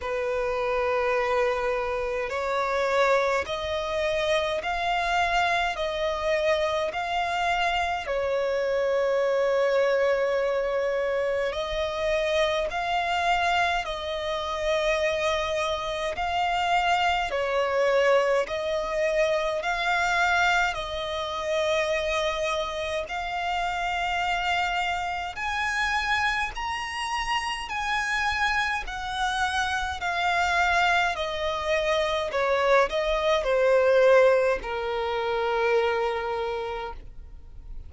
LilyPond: \new Staff \with { instrumentName = "violin" } { \time 4/4 \tempo 4 = 52 b'2 cis''4 dis''4 | f''4 dis''4 f''4 cis''4~ | cis''2 dis''4 f''4 | dis''2 f''4 cis''4 |
dis''4 f''4 dis''2 | f''2 gis''4 ais''4 | gis''4 fis''4 f''4 dis''4 | cis''8 dis''8 c''4 ais'2 | }